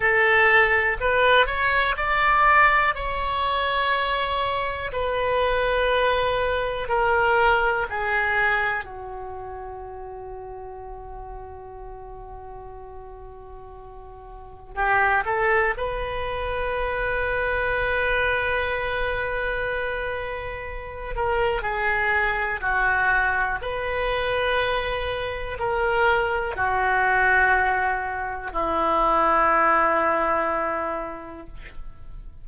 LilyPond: \new Staff \with { instrumentName = "oboe" } { \time 4/4 \tempo 4 = 61 a'4 b'8 cis''8 d''4 cis''4~ | cis''4 b'2 ais'4 | gis'4 fis'2.~ | fis'2. g'8 a'8 |
b'1~ | b'4. ais'8 gis'4 fis'4 | b'2 ais'4 fis'4~ | fis'4 e'2. | }